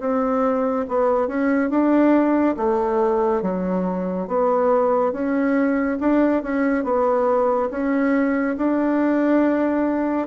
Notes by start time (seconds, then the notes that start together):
0.00 C4
0.88 B3
1.28 C#4
1.70 D4
2.57 A3
3.42 F#3
4.28 B3
5.12 C#4
6.00 D4
6.43 C#4
6.84 B3
7.71 C#4
8.57 D4